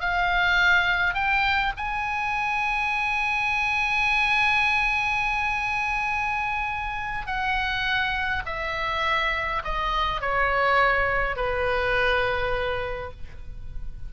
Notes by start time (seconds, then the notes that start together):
0.00 F5
1.14 G5
1.77 G#5
7.26 F#5
8.46 E5
9.64 D#5
10.21 C#5
11.36 B4